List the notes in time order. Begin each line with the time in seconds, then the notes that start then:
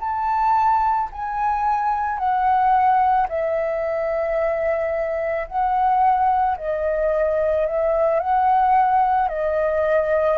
0.00 A5
1.12 G#5
2.18 F#5
3.29 E5
5.47 F#5
6.57 D#5
7.66 E5
8.20 F#5
9.29 D#5